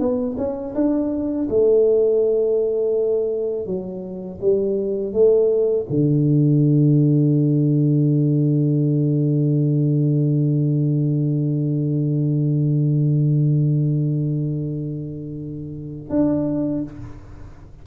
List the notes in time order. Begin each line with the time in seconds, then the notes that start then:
0.00 B3
0.38 C#4
0.75 D4
1.50 A3
3.66 F#3
4.41 G3
5.13 A3
5.90 D3
16.10 D4